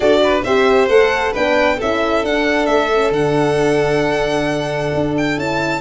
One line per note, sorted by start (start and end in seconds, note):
0.00 0.44 D4
0.00 0.44 F#4
0.00 0.20 A4
0.00 0.42 D5
0.23 0.44 B4
0.43 0.88 C4
0.43 0.90 G4
0.43 1.32 C5
0.43 0.88 E5
0.88 1.33 A3
0.88 1.34 A4
0.88 1.34 F#5
1.32 1.81 B3
1.32 1.79 D4
1.32 1.77 B4
1.32 1.80 G5
1.77 2.23 C#4
1.77 2.25 E4
1.77 5.80 A4
1.77 2.25 E5
2.23 2.66 D4
2.23 2.92 D4
2.23 2.66 F#5
2.66 3.11 A3
2.66 3.10 E5
2.94 3.10 C#4
3.10 4.90 D3
3.10 5.34 D4
3.10 5.14 F#5
4.94 5.37 D4
5.17 5.39 G5
5.37 5.80 C#4
5.37 5.80 E4
5.37 5.80 A5